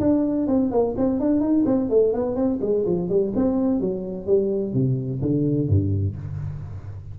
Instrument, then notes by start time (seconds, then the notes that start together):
tuba
0.00 D4
0.47 C4
0.71 A#3
0.97 C4
1.20 D4
1.40 D#4
1.65 C4
1.89 A3
2.13 B3
2.35 C4
2.61 G#3
2.86 F3
3.09 G3
3.35 C4
3.80 F#3
4.26 G3
4.73 C3
5.21 D3
5.68 G2